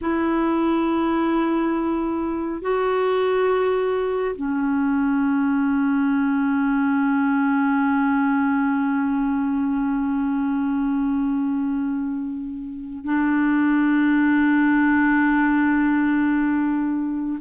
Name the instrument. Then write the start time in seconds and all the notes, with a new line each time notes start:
clarinet
0.01 E4
2.61 F#4
4.35 C#4
13.04 D4